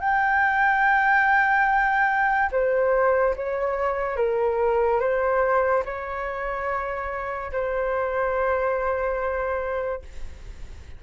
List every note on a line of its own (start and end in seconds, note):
0.00 2.50 G5
2.51 3.34 C5
3.36 4.16 C#5
4.16 5.00 A#4
5.00 5.83 C5
5.85 7.52 C#5
7.52 10.02 C5